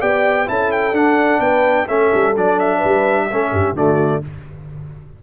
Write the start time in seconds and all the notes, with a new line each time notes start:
0.00 B3 G4 D5 G5
0.47 C#4 E4 A4 A5
0.72 G5
0.92 D4 F#5
1.40 B3 B4 G5
1.86 A3 C#4 A4 E5
2.15 G3
2.37 F#3 D4 D5
2.60 E5
2.78 B4
2.85 G3
3.31 A3 C#4 A4
3.53 G2 G4
3.74 D3 A3 F#4 D5